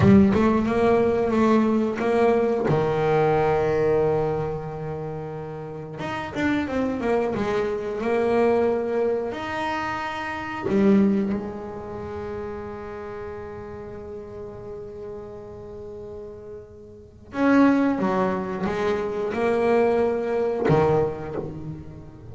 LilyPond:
\new Staff \with { instrumentName = "double bass" } { \time 4/4 \tempo 4 = 90 g8 a8 ais4 a4 ais4 | dis1~ | dis4 dis'8 d'8 c'8 ais8 gis4 | ais2 dis'2 |
g4 gis2.~ | gis1~ | gis2 cis'4 fis4 | gis4 ais2 dis4 | }